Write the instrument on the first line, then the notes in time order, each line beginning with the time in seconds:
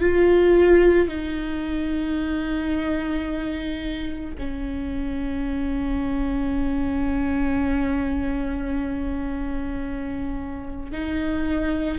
viola
0.00 F4
1.08 D#4
4.38 C#4
10.91 D#4